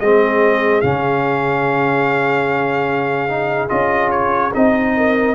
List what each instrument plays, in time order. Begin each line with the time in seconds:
0.00 tuba G#3, trombone C4, horn G#4, trumpet D#5
0.81 tuba C#3, trombone C#4, trumpet F5
3.29 trombone D#4
3.69 tuba C#4, trombone F4, trumpet D#5
4.11 trumpet C#5
4.54 tuba C4, trombone D#4, trumpet D#5
4.97 horn A#4